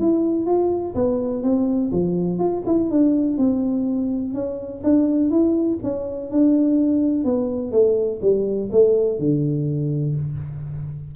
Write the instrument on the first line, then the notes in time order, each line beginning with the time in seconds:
tuba
0.00 E4
0.46 F4
0.95 B3
1.43 C4
1.92 F3
2.39 F4
2.67 E4
2.91 D4
3.38 C4
4.34 C#4
4.84 D4
5.30 E4
5.84 C#4
6.31 D4
7.25 B3
7.72 A3
8.22 G3
8.72 A3
9.19 D3